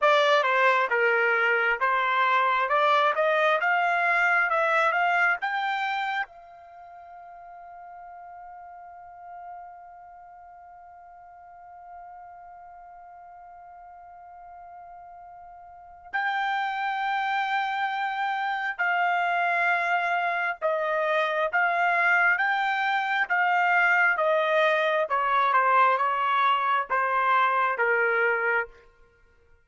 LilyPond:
\new Staff \with { instrumentName = "trumpet" } { \time 4/4 \tempo 4 = 67 d''8 c''8 ais'4 c''4 d''8 dis''8 | f''4 e''8 f''8 g''4 f''4~ | f''1~ | f''1~ |
f''2 g''2~ | g''4 f''2 dis''4 | f''4 g''4 f''4 dis''4 | cis''8 c''8 cis''4 c''4 ais'4 | }